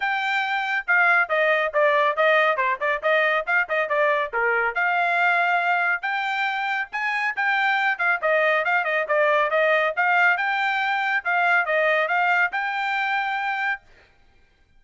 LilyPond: \new Staff \with { instrumentName = "trumpet" } { \time 4/4 \tempo 4 = 139 g''2 f''4 dis''4 | d''4 dis''4 c''8 d''8 dis''4 | f''8 dis''8 d''4 ais'4 f''4~ | f''2 g''2 |
gis''4 g''4. f''8 dis''4 | f''8 dis''8 d''4 dis''4 f''4 | g''2 f''4 dis''4 | f''4 g''2. | }